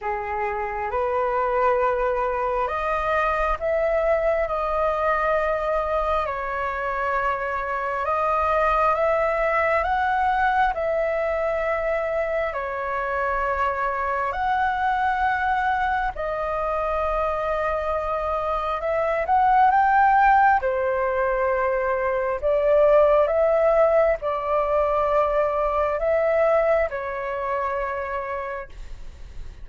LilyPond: \new Staff \with { instrumentName = "flute" } { \time 4/4 \tempo 4 = 67 gis'4 b'2 dis''4 | e''4 dis''2 cis''4~ | cis''4 dis''4 e''4 fis''4 | e''2 cis''2 |
fis''2 dis''2~ | dis''4 e''8 fis''8 g''4 c''4~ | c''4 d''4 e''4 d''4~ | d''4 e''4 cis''2 | }